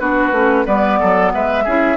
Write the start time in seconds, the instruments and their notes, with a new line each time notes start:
0.00 bassoon B3, clarinet D4, oboe F#4, flute B4
0.32 bassoon A3, clarinet C#4
0.66 bassoon G3, clarinet B3, oboe B4, flute D5
1.00 bassoon F#3, oboe A4
1.34 bassoon G#3, oboe B4, flute E5
1.64 bassoon C#4, clarinet E4, oboe G#4